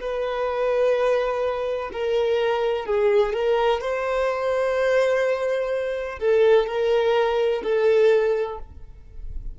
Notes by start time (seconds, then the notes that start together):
0.00 B4
1.93 A#4
2.86 G#4
3.33 A#4
3.81 C5
6.19 A4
6.67 A#4
7.63 A4